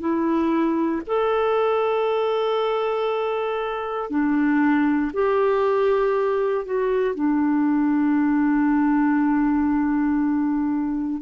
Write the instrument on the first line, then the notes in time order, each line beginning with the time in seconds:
clarinet
0.00 E4
1.07 A4
4.10 D4
5.14 G4
6.65 F#4
7.15 D4